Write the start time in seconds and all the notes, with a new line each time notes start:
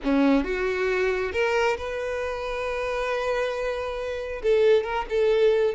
0.04 C#4
0.44 F#4
1.32 A#4
1.77 B4
4.42 A4
4.83 A#4
5.09 A4